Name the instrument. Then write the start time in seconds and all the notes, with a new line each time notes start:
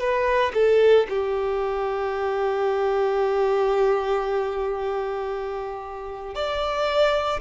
violin
0.00 B4
0.55 A4
1.10 G4
6.35 D5